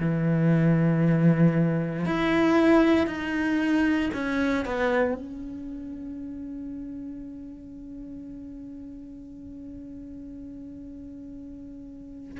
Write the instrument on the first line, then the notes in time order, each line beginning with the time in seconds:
cello
0.00 E3
2.05 E4
3.07 D#4
4.13 C#4
4.65 B3
5.14 C#4